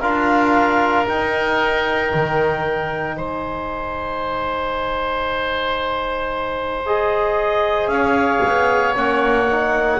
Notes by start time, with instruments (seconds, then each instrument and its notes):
0.00 double bass D4, trombone F4, oboe A#4, clarinet F5
1.05 trombone D#4, double bass D#4, clarinet G5
2.14 double bass D#3
3.17 double bass G#3, oboe C5, clarinet G#5
6.86 trombone G#4, clarinet D#5
7.87 double bass C#4, oboe C#5, clarinet F5
8.46 double bass B3
8.95 double bass A#3, trombone C#4, clarinet F#5
9.50 trombone D#4